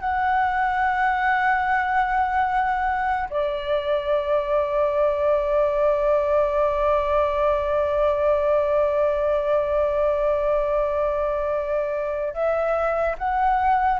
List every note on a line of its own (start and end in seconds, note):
0.00 3.29 F#5
3.30 12.33 D5
12.33 13.15 E5
13.18 13.99 F#5